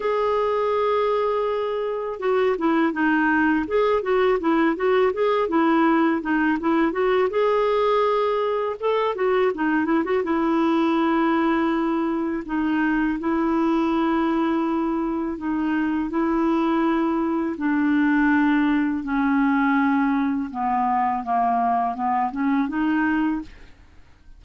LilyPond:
\new Staff \with { instrumentName = "clarinet" } { \time 4/4 \tempo 4 = 82 gis'2. fis'8 e'8 | dis'4 gis'8 fis'8 e'8 fis'8 gis'8 e'8~ | e'8 dis'8 e'8 fis'8 gis'2 | a'8 fis'8 dis'8 e'16 fis'16 e'2~ |
e'4 dis'4 e'2~ | e'4 dis'4 e'2 | d'2 cis'2 | b4 ais4 b8 cis'8 dis'4 | }